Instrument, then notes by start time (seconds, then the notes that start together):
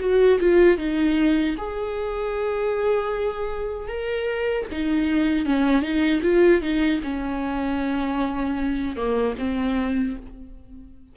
viola
0.00 F#4
0.40 F4
0.78 D#4
1.58 G#4
3.88 A#4
4.71 D#4
5.46 C#4
5.82 D#4
6.23 F4
6.62 D#4
7.03 C#4
8.96 A#3
9.39 C4